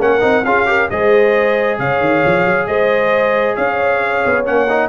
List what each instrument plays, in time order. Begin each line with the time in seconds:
0.00 tuba A#3, trombone C#4, horn A#4, trumpet F#5
0.21 tuba C4, trombone D#4
0.45 tuba C#4, trombone F4, horn G#4, trumpet F5
0.66 trombone G4, horn A#4
0.90 tuba G#3, trombone G#4, horn C5, trumpet D#5
1.79 tuba C#3, horn C#5, trumpet F5
2.00 tuba D#3
2.26 tuba F3
2.46 tuba F#3
2.67 tuba G#3, horn C5, trumpet D#5
3.56 tuba C#4, horn C#5, trumpet F5
4.26 tuba B3
4.45 tuba A#3, trombone C#4, trumpet F#5
4.69 trombone D#4